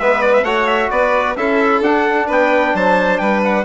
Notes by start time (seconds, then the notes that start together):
0.00 G#3 B3 B4 E5
0.22 D5
0.34 E5
0.43 A3 F#4 C#5 F#5
0.68 E5
0.91 B3 B4 D5
1.36 C#4 E4 A4 E5
1.81 D4 F#5
2.27 B3 B4 G5
2.74 F#3 C5 A5
3.18 G3 B4 G5
3.45 F#5